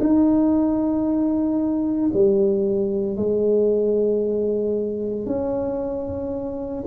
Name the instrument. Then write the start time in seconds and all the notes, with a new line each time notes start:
tuba
0.00 D#4
2.13 G3
3.16 G#3
5.26 C#4